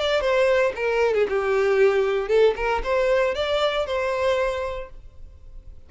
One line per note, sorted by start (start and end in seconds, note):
0.00 0.21 D5
0.21 0.73 C5
0.76 1.14 A#4
1.14 1.27 G#4
1.29 2.29 G4
2.29 2.54 A4
2.56 2.82 A#4
2.84 3.35 C5
3.35 3.87 D5
3.87 4.90 C5